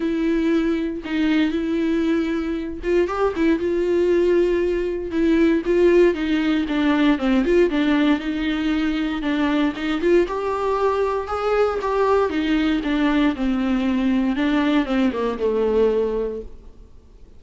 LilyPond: \new Staff \with { instrumentName = "viola" } { \time 4/4 \tempo 4 = 117 e'2 dis'4 e'4~ | e'4. f'8 g'8 e'8 f'4~ | f'2 e'4 f'4 | dis'4 d'4 c'8 f'8 d'4 |
dis'2 d'4 dis'8 f'8 | g'2 gis'4 g'4 | dis'4 d'4 c'2 | d'4 c'8 ais8 a2 | }